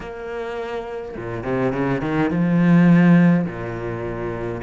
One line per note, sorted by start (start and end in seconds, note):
0.00 1.15 A#3
1.16 1.43 A#2
1.43 1.72 C3
1.72 2.01 C#3
2.01 2.30 D#3
2.30 3.46 F3
3.46 4.62 A#2